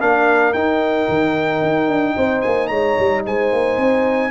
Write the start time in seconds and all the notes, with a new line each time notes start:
0.00 A#3 D4 A#4 F5
0.53 D#4 G5
1.09 D#3
1.62 D#4
1.88 D4
2.16 C4 C5
2.41 A#3 G#5
2.67 G#3 C#5 A#5
2.99 G3
3.25 G#3 C5 G#5
3.52 A#3
3.77 C4